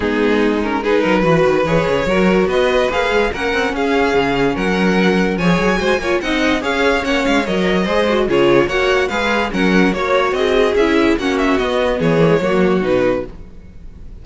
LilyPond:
<<
  \new Staff \with { instrumentName = "violin" } { \time 4/4 \tempo 4 = 145 gis'4. ais'8 b'2 | cis''2 dis''4 f''4 | fis''4 f''2 fis''4~ | fis''4 gis''2 fis''4 |
f''4 fis''8 f''8 dis''2 | cis''4 fis''4 f''4 fis''4 | cis''4 dis''4 e''4 fis''8 e''8 | dis''4 cis''2 b'4 | }
  \new Staff \with { instrumentName = "violin" } { \time 4/4 dis'2 gis'8 ais'8 b'4~ | b'4 ais'4 b'2 | ais'4 gis'2 ais'4~ | ais'4 cis''4 c''8 cis''8 dis''4 |
cis''2. c''4 | gis'4 cis''4 b'4 ais'4 | cis''4 gis'2 fis'4~ | fis'4 gis'4 fis'2 | }
  \new Staff \with { instrumentName = "viola" } { \time 4/4 b4. cis'8 dis'4 fis'4 | gis'4 fis'2 gis'4 | cis'1~ | cis'4 gis'4 fis'8 f'8 dis'4 |
gis'4 cis'4 ais'4 gis'8 fis'8 | f'4 fis'4 gis'4 cis'4 | fis'2 e'4 cis'4 | b4. ais16 gis16 ais4 dis'4 | }
  \new Staff \with { instrumentName = "cello" } { \time 4/4 gis2~ gis8 fis8 e8 dis8 | e8 cis8 fis4 b4 ais8 gis8 | ais8 c'8 cis'4 cis4 fis4~ | fis4 f8 fis8 gis8 ais8 c'4 |
cis'4 ais8 gis8 fis4 gis4 | cis4 ais4 gis4 fis4 | ais4 c'4 cis'4 ais4 | b4 e4 fis4 b,4 | }
>>